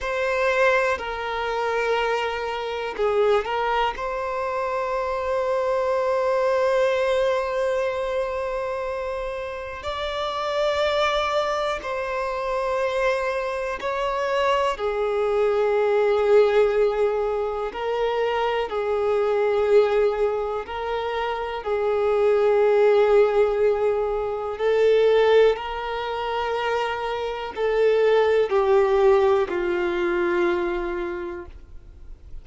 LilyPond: \new Staff \with { instrumentName = "violin" } { \time 4/4 \tempo 4 = 61 c''4 ais'2 gis'8 ais'8 | c''1~ | c''2 d''2 | c''2 cis''4 gis'4~ |
gis'2 ais'4 gis'4~ | gis'4 ais'4 gis'2~ | gis'4 a'4 ais'2 | a'4 g'4 f'2 | }